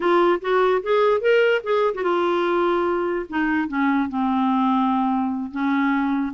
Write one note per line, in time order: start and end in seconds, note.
0.00 0.40 F4
0.41 0.82 F#4
0.82 1.20 G#4
1.20 1.61 A#4
1.63 1.94 G#4
1.94 2.03 F#4
2.03 3.25 F4
3.29 3.68 D#4
3.68 4.08 C#4
4.09 5.51 C4
5.51 6.33 C#4